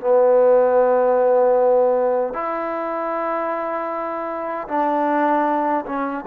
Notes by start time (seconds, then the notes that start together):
0.00 B3
2.33 E4
4.68 D4
5.86 C#4